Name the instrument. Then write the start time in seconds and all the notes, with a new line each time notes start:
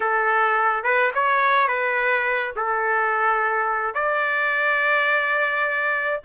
trumpet
0.00 A4
0.83 B4
1.14 C#5
1.67 B4
2.56 A4
3.94 D5